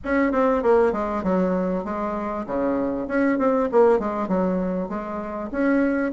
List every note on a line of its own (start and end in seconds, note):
0.04 0.32 C#4
0.32 0.62 C4
0.63 0.92 A#3
0.92 1.23 G#3
1.23 1.84 F#3
1.84 2.45 G#3
2.46 3.08 C#3
3.08 3.38 C#4
3.38 3.69 C4
3.71 3.99 A#3
3.99 4.28 G#3
4.28 4.88 F#3
4.88 5.49 G#3
5.51 6.12 C#4